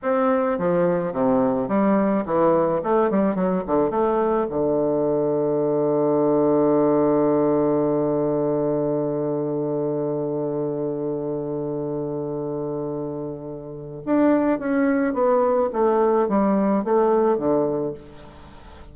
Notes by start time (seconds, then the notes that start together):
0.02 C4
0.58 F3
1.12 C3
1.68 G3
2.25 E3
2.83 A3
3.10 G3
3.35 F#3
3.67 D3
3.90 A3
4.49 D3
14.05 D4
14.59 C#4
15.13 B3
15.72 A3
16.28 G3
16.84 A3
17.37 D3